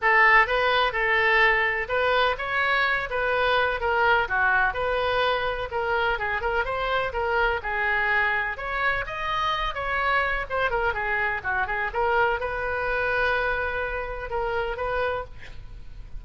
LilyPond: \new Staff \with { instrumentName = "oboe" } { \time 4/4 \tempo 4 = 126 a'4 b'4 a'2 | b'4 cis''4. b'4. | ais'4 fis'4 b'2 | ais'4 gis'8 ais'8 c''4 ais'4 |
gis'2 cis''4 dis''4~ | dis''8 cis''4. c''8 ais'8 gis'4 | fis'8 gis'8 ais'4 b'2~ | b'2 ais'4 b'4 | }